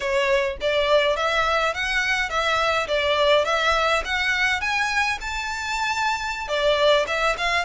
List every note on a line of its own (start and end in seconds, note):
0.00 0.57 C#5
0.61 1.16 D5
1.16 1.74 E5
1.74 2.29 F#5
2.29 2.87 E5
2.87 3.45 D5
3.45 4.02 E5
4.04 4.60 F#5
4.60 5.18 G#5
5.21 6.48 A5
6.48 7.05 D5
7.07 7.36 E5
7.37 7.65 F5